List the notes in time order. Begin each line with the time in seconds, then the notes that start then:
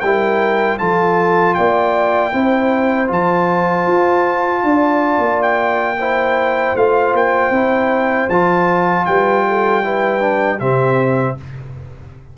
0.00 G3 E4 A#4 G5
0.78 F3 F4 A4 A5
1.54 A#3 D5 G5
2.32 C4 E4 C5
3.07 F3 F4 A5
3.87 F4
4.63 D4 D5
5.18 A#3
5.42 G5
5.98 E4 C5
6.75 A3 F4 F5
7.13 A#3 G5
7.50 C4 E4
8.29 F3 F4 A5
9.05 G3 B4 G5
9.47 A4
9.83 E4 B4
10.20 D4
10.58 C3 C4 G4 E5